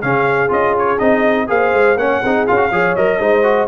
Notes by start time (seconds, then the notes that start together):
0.00 C#3 C#4 G#4 F5
0.48 C#4 F4 D#5
0.78 C#5
0.98 C4 D#4 D#5
1.47 A#3 G#4 C5 F5
1.73 G#3
1.96 A#3 C#4 C#5 F#5
2.22 C4 D#4 G#4
2.47 C#4 F4 F5
2.56 F#4
2.71 F3 G#4 C#5
2.95 F#3 A#4 D#5
3.19 G#3 D#4 C5
3.43 F#4